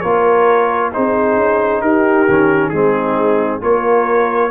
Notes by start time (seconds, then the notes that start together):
0.00 A#3 F4 A#4 C#5
0.93 C4 D#4 G#4 C5
1.36 C#4
1.81 D#4 G4 A#4
2.28 D#3 C#4
2.69 G#3 C4 D#4 G#4
3.61 A#3 F4 A#4 C#5